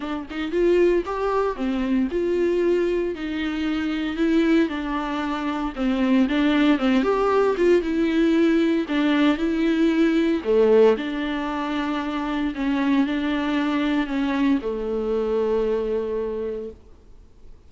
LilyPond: \new Staff \with { instrumentName = "viola" } { \time 4/4 \tempo 4 = 115 d'8 dis'8 f'4 g'4 c'4 | f'2 dis'2 | e'4 d'2 c'4 | d'4 c'8 g'4 f'8 e'4~ |
e'4 d'4 e'2 | a4 d'2. | cis'4 d'2 cis'4 | a1 | }